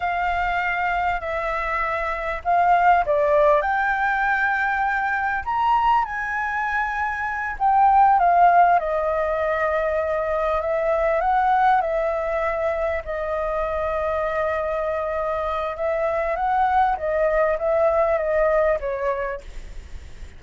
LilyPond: \new Staff \with { instrumentName = "flute" } { \time 4/4 \tempo 4 = 99 f''2 e''2 | f''4 d''4 g''2~ | g''4 ais''4 gis''2~ | gis''8 g''4 f''4 dis''4.~ |
dis''4. e''4 fis''4 e''8~ | e''4. dis''2~ dis''8~ | dis''2 e''4 fis''4 | dis''4 e''4 dis''4 cis''4 | }